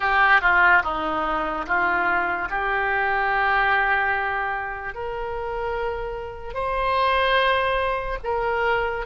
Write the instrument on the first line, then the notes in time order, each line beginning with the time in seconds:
oboe
0.00 G4
0.41 F4
0.83 D#4
1.66 F4
2.50 G4
4.94 A#4
6.53 C5
8.23 A#4